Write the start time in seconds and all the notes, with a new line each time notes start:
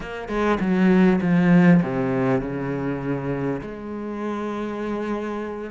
0.00 A#3
0.28 G#3
0.60 F#3
1.21 F3
1.82 C3
2.40 C#3
3.61 G#3